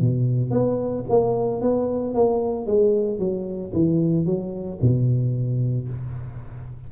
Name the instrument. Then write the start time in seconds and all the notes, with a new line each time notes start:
tuba
0.00 B2
0.50 B3
1.09 A#3
1.61 B3
2.14 A#3
2.66 G#3
3.19 F#3
3.73 E3
4.25 F#3
4.81 B2